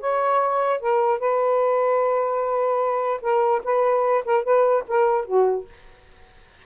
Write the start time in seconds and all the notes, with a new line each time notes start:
0.00 C#5
0.80 A#4
1.19 B4
3.21 A#4
3.64 B4
4.25 A#4
4.43 B4
4.87 A#4
5.25 F#4